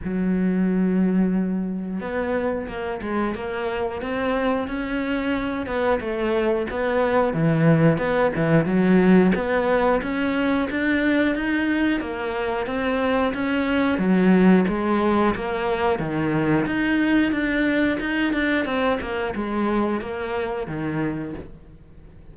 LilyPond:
\new Staff \with { instrumentName = "cello" } { \time 4/4 \tempo 4 = 90 fis2. b4 | ais8 gis8 ais4 c'4 cis'4~ | cis'8 b8 a4 b4 e4 | b8 e8 fis4 b4 cis'4 |
d'4 dis'4 ais4 c'4 | cis'4 fis4 gis4 ais4 | dis4 dis'4 d'4 dis'8 d'8 | c'8 ais8 gis4 ais4 dis4 | }